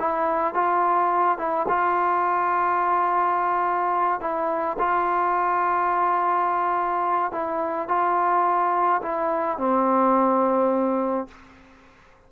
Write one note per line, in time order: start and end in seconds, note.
0.00 0.55 E4
0.55 1.39 F4
1.39 1.67 E4
1.69 4.21 F4
4.21 4.78 E4
4.79 7.33 F4
7.33 7.89 E4
7.89 9.02 F4
9.03 9.58 E4
9.58 11.28 C4